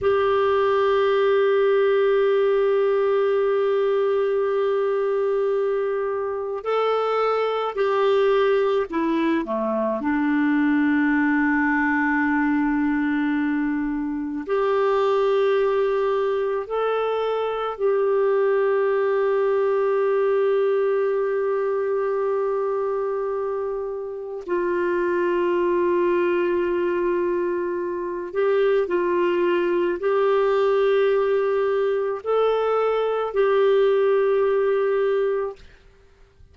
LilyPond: \new Staff \with { instrumentName = "clarinet" } { \time 4/4 \tempo 4 = 54 g'1~ | g'2 a'4 g'4 | e'8 a8 d'2.~ | d'4 g'2 a'4 |
g'1~ | g'2 f'2~ | f'4. g'8 f'4 g'4~ | g'4 a'4 g'2 | }